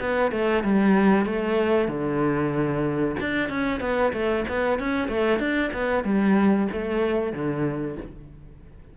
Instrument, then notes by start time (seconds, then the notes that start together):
cello
0.00 B3
0.32 A3
0.64 G3
1.26 A3
1.88 D3
3.20 D4
3.49 C#4
3.81 B3
4.13 A3
4.49 B3
4.79 C#4
5.09 A3
5.39 D4
5.73 B3
6.04 G3
6.72 A3
7.33 D3